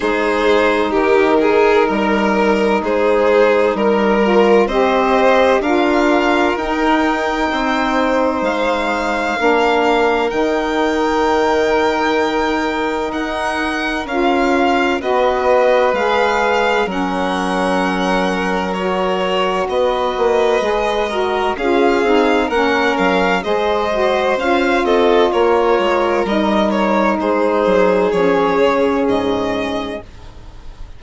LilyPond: <<
  \new Staff \with { instrumentName = "violin" } { \time 4/4 \tempo 4 = 64 c''4 ais'2 c''4 | ais'4 dis''4 f''4 g''4~ | g''4 f''2 g''4~ | g''2 fis''4 f''4 |
dis''4 f''4 fis''2 | cis''4 dis''2 f''4 | fis''8 f''8 dis''4 f''8 dis''8 cis''4 | dis''8 cis''8 c''4 cis''4 dis''4 | }
  \new Staff \with { instrumentName = "violin" } { \time 4/4 gis'4 g'8 gis'8 ais'4 gis'4 | ais'4 c''4 ais'2 | c''2 ais'2~ | ais'1 |
b'2 ais'2~ | ais'4 b'4. ais'8 gis'4 | ais'4 c''4. a'8 ais'4~ | ais'4 gis'2. | }
  \new Staff \with { instrumentName = "saxophone" } { \time 4/4 dis'1~ | dis'8 f'8 g'4 f'4 dis'4~ | dis'2 d'4 dis'4~ | dis'2. f'4 |
fis'4 gis'4 cis'2 | fis'2 gis'8 fis'8 f'8 dis'8 | cis'4 gis'8 fis'8 f'2 | dis'2 cis'2 | }
  \new Staff \with { instrumentName = "bassoon" } { \time 4/4 gis4 dis4 g4 gis4 | g4 c'4 d'4 dis'4 | c'4 gis4 ais4 dis4~ | dis2 dis'4 cis'4 |
b4 gis4 fis2~ | fis4 b8 ais8 gis4 cis'8 c'8 | ais8 fis8 gis4 cis'8 c'8 ais8 gis8 | g4 gis8 fis8 f8 cis8 gis,4 | }
>>